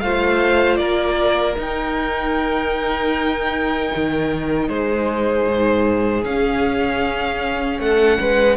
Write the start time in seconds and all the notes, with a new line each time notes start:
0.00 A3 F4 C5 F5
0.76 A#3 A#4 D5
1.56 D#4 G5
3.96 D#3
4.69 G#3 G#4 C5
5.46 G#2
6.24 C#4 F5
7.79 A3 A4 F#5
8.20 G#3 B4